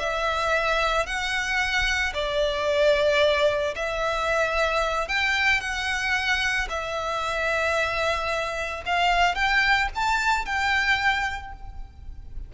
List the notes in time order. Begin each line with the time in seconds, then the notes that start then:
0.00 E5
1.06 F#5
2.14 D5
3.75 E5
5.08 G5
5.61 F#5
6.70 E5
8.86 F5
9.36 G5
9.95 A5
10.46 G5